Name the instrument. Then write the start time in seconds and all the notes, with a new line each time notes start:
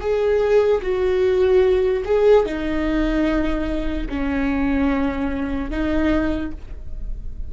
viola
0.00 G#4
0.82 F#4
2.05 G#4
2.45 D#4
4.09 C#4
5.71 D#4